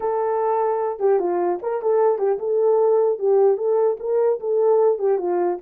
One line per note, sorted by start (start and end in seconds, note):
0.00 0.99 A4
0.99 1.19 G4
1.19 1.59 F4
1.62 1.82 A#4
1.82 2.18 A4
2.18 2.38 G4
2.38 3.18 A4
3.18 3.57 G4
3.57 3.97 A4
3.99 4.39 A#4
4.39 4.99 A4
4.99 5.18 G4
5.18 5.58 F4